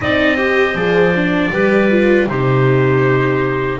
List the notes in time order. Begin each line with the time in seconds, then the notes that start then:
0.01 C4 D#4 D5 D#5
0.36 G4 C5
0.74 F3 G#4 D5
1.15 D4
1.52 G3 G4 B4
1.90 F4
2.27 C3 D#4 G4 C5